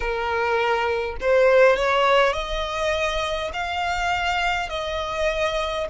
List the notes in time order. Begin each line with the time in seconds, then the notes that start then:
0.00 A#4
1.20 C5
1.76 C#5
2.33 D#5
3.53 F5
4.69 D#5